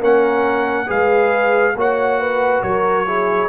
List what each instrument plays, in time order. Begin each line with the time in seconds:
0.00 tuba A#3, trombone C#4, horn A#4, trumpet F#5
0.87 tuba G#3, trombone G#4, horn B4, trumpet F5
1.76 tuba A#3, trombone F#4, horn C#5, trumpet F#5
2.20 horn B4
2.63 tuba F#3, horn A#4, trumpet C#5
3.07 trombone E4, horn G#4